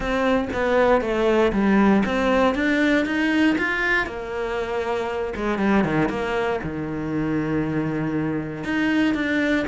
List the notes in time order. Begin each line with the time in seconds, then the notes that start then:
0.00 C4
0.53 B3
1.01 A3
1.52 G3
2.05 C4
2.54 D4
3.05 D#4
3.57 F4
4.06 A#3
5.36 G#3
5.58 G3
5.84 D#3
6.09 A#3
6.63 D#3
8.64 D#4
9.14 D4